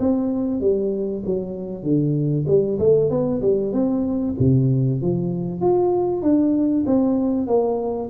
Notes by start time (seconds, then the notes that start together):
0.00 C4
0.61 G3
1.26 F#3
1.83 D3
2.48 G3
2.79 A3
3.11 B3
3.42 G3
3.73 C4
4.39 C3
5.02 F3
5.61 F4
6.22 D4
6.86 C4
7.47 A#3